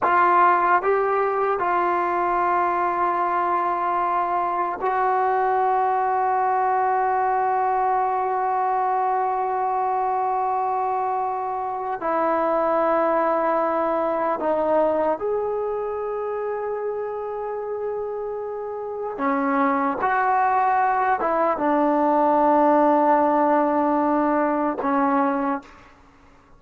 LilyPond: \new Staff \with { instrumentName = "trombone" } { \time 4/4 \tempo 4 = 75 f'4 g'4 f'2~ | f'2 fis'2~ | fis'1~ | fis'2. e'4~ |
e'2 dis'4 gis'4~ | gis'1 | cis'4 fis'4. e'8 d'4~ | d'2. cis'4 | }